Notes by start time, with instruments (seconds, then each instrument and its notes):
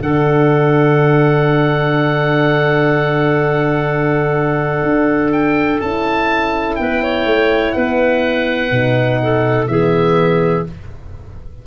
0.00 tuba D3, horn D4, clarinet A4, oboe F#5
4.82 tuba D4
5.32 oboe G5
5.80 tuba C#4, horn E4, oboe A5
6.75 tuba B3, clarinet B4, oboe G5
7.02 clarinet C#5
7.25 tuba A3
7.72 tuba B3, clarinet B4, oboe F#5
8.71 tuba B2, horn D#4
9.22 clarinet A4
9.67 tuba E3, horn B3, clarinet G#4, oboe E5